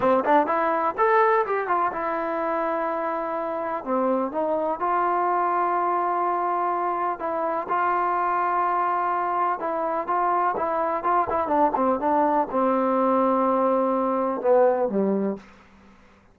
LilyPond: \new Staff \with { instrumentName = "trombone" } { \time 4/4 \tempo 4 = 125 c'8 d'8 e'4 a'4 g'8 f'8 | e'1 | c'4 dis'4 f'2~ | f'2. e'4 |
f'1 | e'4 f'4 e'4 f'8 e'8 | d'8 c'8 d'4 c'2~ | c'2 b4 g4 | }